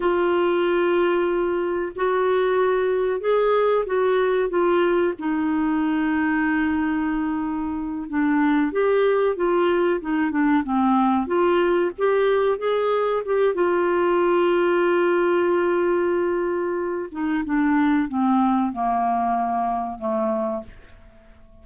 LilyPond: \new Staff \with { instrumentName = "clarinet" } { \time 4/4 \tempo 4 = 93 f'2. fis'4~ | fis'4 gis'4 fis'4 f'4 | dis'1~ | dis'8 d'4 g'4 f'4 dis'8 |
d'8 c'4 f'4 g'4 gis'8~ | gis'8 g'8 f'2.~ | f'2~ f'8 dis'8 d'4 | c'4 ais2 a4 | }